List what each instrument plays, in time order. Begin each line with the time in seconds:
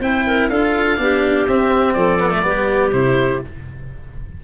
0.00 tuba C4, cello E4, clarinet C5, oboe G5
0.27 clarinet A#4
0.50 tuba D4, cello F4, clarinet A4, oboe F5
0.97 tuba B3, cello D4, clarinet G4
1.48 tuba C4, cello C4, oboe E5
1.94 tuba F3, clarinet A4, oboe D5
2.20 cello B3
2.31 cello A3
2.43 tuba G3, cello B3, clarinet G4
2.92 tuba C3, cello E4, oboe C5